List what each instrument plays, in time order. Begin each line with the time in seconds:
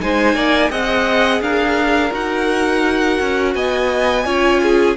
0.00 cello G#3, viola D#4, violin C5 G#5
0.34 cello A#3, violin D5
0.70 cello C4, viola G#4, violin D#5 F#5
1.41 cello D4, violin A#4 F5
2.12 cello D#4, viola F#4, violin F#5
3.20 cello C#4
3.54 cello B3, violin D#5 G#5
4.25 cello C#4, viola F4, violin C#5
4.62 violin G#4